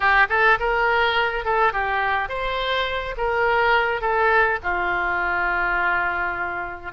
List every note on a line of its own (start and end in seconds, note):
0.00 0.26 G4
0.29 0.58 A4
0.59 1.44 A#4
1.44 1.73 A4
1.73 2.28 G4
2.28 3.15 C5
3.17 4.01 A#4
4.01 4.58 A4
4.63 6.92 F4